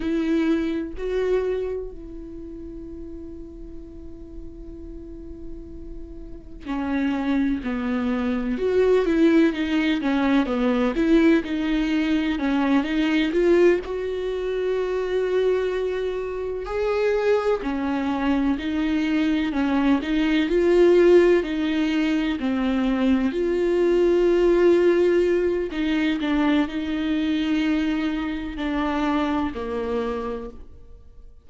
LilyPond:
\new Staff \with { instrumentName = "viola" } { \time 4/4 \tempo 4 = 63 e'4 fis'4 e'2~ | e'2. cis'4 | b4 fis'8 e'8 dis'8 cis'8 b8 e'8 | dis'4 cis'8 dis'8 f'8 fis'4.~ |
fis'4. gis'4 cis'4 dis'8~ | dis'8 cis'8 dis'8 f'4 dis'4 c'8~ | c'8 f'2~ f'8 dis'8 d'8 | dis'2 d'4 ais4 | }